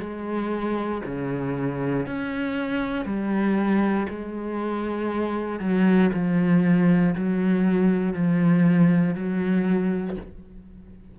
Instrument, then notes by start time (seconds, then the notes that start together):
cello
0.00 G#3
1.06 C#3
2.07 C#4
3.05 G3
4.09 G#3
5.60 F#3
6.13 F3
7.16 F#3
8.13 F3
9.15 F#3